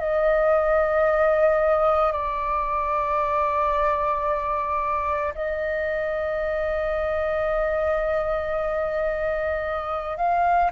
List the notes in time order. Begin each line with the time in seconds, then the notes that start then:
0.00 D#5
2.13 D5
5.35 D#5
10.17 F5